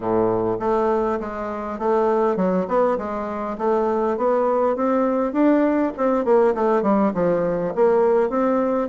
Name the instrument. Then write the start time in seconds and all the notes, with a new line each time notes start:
bassoon
0.00 A2
0.59 A3
1.20 G#3
1.78 A3
2.36 F#3
2.68 B3
2.98 G#3
3.58 A3
4.17 B3
4.76 C4
5.32 D4
5.97 C4
6.24 A#3
6.54 A3
6.82 G3
7.14 F3
7.75 A#3
8.29 C4